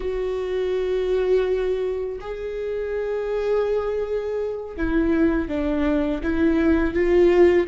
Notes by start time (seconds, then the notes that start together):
0.00 F#4
2.20 G#4
4.76 E4
5.48 D4
6.23 E4
6.93 F4